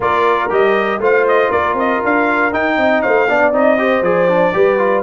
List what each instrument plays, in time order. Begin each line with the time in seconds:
0.00 tuba A#3, trombone F4, horn A#4, trumpet D5
0.49 tuba G3, trombone G4, trumpet D#5
0.99 tuba A3, trombone F4, horn C5, trumpet F5
1.27 trumpet D#5
1.50 tuba A#3, horn A#4, trumpet D5
1.73 tuba C4, trumpet D#5
2.04 tuba D4, trumpet F5
2.52 trombone D#4, tuba D#4, trumpet G5
2.77 tuba C4, horn D#5
3.01 tuba A3, horn C5, trumpet F5
3.28 tuba B3, trombone D4, horn D5
3.52 tuba C4, trombone D#4, trumpet D#5
3.78 trombone G4, horn C5
4.01 tuba F3, trombone G#4, trumpet D5
4.28 trombone D4
4.53 tuba G3, trombone G4, horn B4
4.78 trombone F4